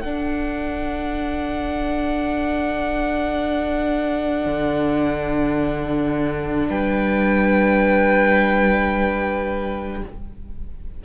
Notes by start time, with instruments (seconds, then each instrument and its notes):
0.00 cello D4, viola D4, violin A4 F#5
4.47 cello D3
6.69 cello G3, violin B4 G5